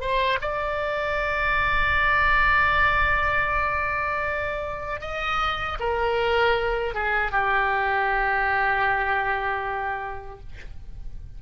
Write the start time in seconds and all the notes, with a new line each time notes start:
0.00 C5
0.41 D5
5.01 D#5
5.79 A#4
6.94 G#4
7.31 G4